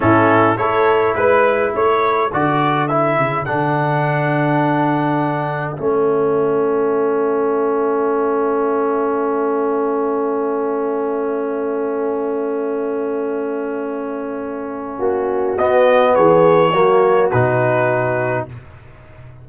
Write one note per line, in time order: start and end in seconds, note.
0.00 0.57 A2
0.00 0.57 C#4
0.00 0.58 E4
0.00 0.57 A4
0.57 1.15 A3
0.57 2.30 E4
0.57 1.16 A4
0.57 1.14 C#5
1.15 1.72 G#3
1.15 1.73 B4
1.15 1.72 B4
1.72 2.32 A3
1.72 14.98 A4
1.72 2.32 C#5
2.32 3.17 D3
2.32 2.89 F#4
2.32 2.87 D5
2.87 3.46 E4
2.87 3.45 E5
3.17 3.46 C#3
3.45 5.77 D3
3.45 5.76 D4
3.45 5.73 F#5
5.73 14.99 A3
5.73 15.58 C#4
5.73 15.54 E5
14.98 15.57 A#3
14.98 16.14 F#4
15.57 16.15 B3
15.57 16.73 B3
15.57 16.15 D#5
16.15 16.73 E3
16.15 16.72 G#4
16.15 17.30 C#5
16.72 17.31 F#3
16.72 17.31 A#3
16.72 18.45 F#4
17.30 18.48 B2
17.30 18.48 D#4
17.30 18.46 B4